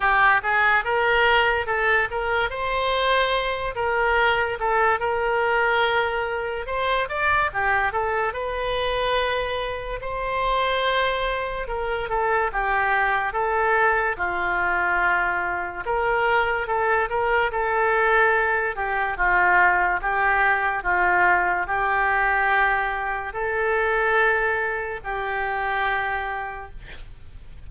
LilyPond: \new Staff \with { instrumentName = "oboe" } { \time 4/4 \tempo 4 = 72 g'8 gis'8 ais'4 a'8 ais'8 c''4~ | c''8 ais'4 a'8 ais'2 | c''8 d''8 g'8 a'8 b'2 | c''2 ais'8 a'8 g'4 |
a'4 f'2 ais'4 | a'8 ais'8 a'4. g'8 f'4 | g'4 f'4 g'2 | a'2 g'2 | }